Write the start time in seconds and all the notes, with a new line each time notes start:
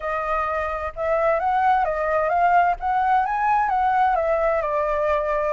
0.00 D#5
0.95 E5
1.39 F#5
1.84 D#5
2.29 F5
2.79 F#5
3.25 G#5
3.69 F#5
4.15 E5
4.61 D5